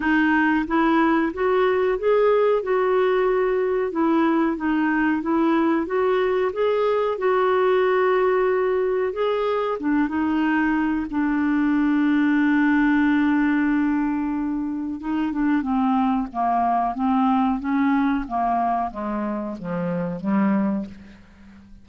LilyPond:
\new Staff \with { instrumentName = "clarinet" } { \time 4/4 \tempo 4 = 92 dis'4 e'4 fis'4 gis'4 | fis'2 e'4 dis'4 | e'4 fis'4 gis'4 fis'4~ | fis'2 gis'4 d'8 dis'8~ |
dis'4 d'2.~ | d'2. dis'8 d'8 | c'4 ais4 c'4 cis'4 | ais4 gis4 f4 g4 | }